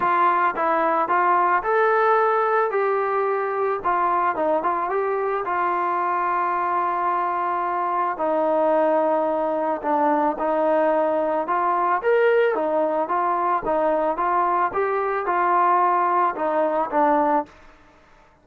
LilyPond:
\new Staff \with { instrumentName = "trombone" } { \time 4/4 \tempo 4 = 110 f'4 e'4 f'4 a'4~ | a'4 g'2 f'4 | dis'8 f'8 g'4 f'2~ | f'2. dis'4~ |
dis'2 d'4 dis'4~ | dis'4 f'4 ais'4 dis'4 | f'4 dis'4 f'4 g'4 | f'2 dis'4 d'4 | }